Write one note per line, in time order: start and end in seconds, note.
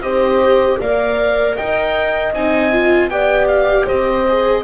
0.00 0.77 C4
0.00 0.79 G4
0.00 0.80 C5
0.00 0.78 D#5
0.80 1.57 A#3
0.80 2.34 A#4
0.80 1.56 D5
0.80 1.56 F5
1.56 2.32 D#4
1.56 3.10 D#5
1.56 2.33 G5
2.32 3.08 C4
2.32 2.72 D#4
2.32 3.09 G#5
2.72 3.10 F4
3.08 3.85 B3
3.08 4.25 G4
3.08 3.85 D5
3.08 3.47 G5
3.47 3.86 F5
3.85 4.64 C4
3.85 4.62 C5
3.85 4.64 D#5
4.28 4.64 G#4